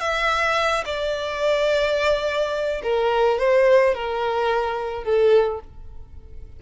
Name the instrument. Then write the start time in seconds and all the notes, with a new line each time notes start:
violin
0.00 E5
0.85 D5
2.83 A#4
3.39 C5
3.94 A#4
5.04 A4